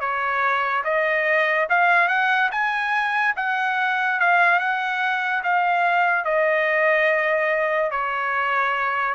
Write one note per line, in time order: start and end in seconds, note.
0.00 0.83 C#5
0.84 1.68 D#5
1.69 2.08 F5
2.08 2.50 F#5
2.52 3.35 G#5
3.36 4.20 F#5
4.20 4.59 F5
4.59 5.43 F#5
5.43 6.25 F5
6.25 7.91 D#5
7.91 9.15 C#5